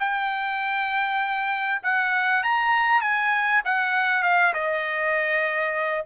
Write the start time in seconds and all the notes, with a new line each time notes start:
0.00 G5
1.83 F#5
2.44 A#5
3.02 G#5
3.65 F#5
4.23 F5
4.54 D#5